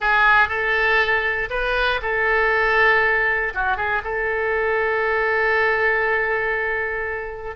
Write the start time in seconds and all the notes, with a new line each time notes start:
0.00 G#4
0.48 A4
1.50 B4
2.02 A4
3.54 F#4
3.76 G#4
4.04 A4